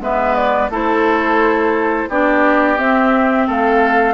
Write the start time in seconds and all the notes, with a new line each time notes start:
0.00 G#3 B3 B4 E5
0.35 D5
0.69 A3 E4 A4 C5
2.09 B3 D4 G4 D5
2.77 C4 E5
3.47 A3 A4 F5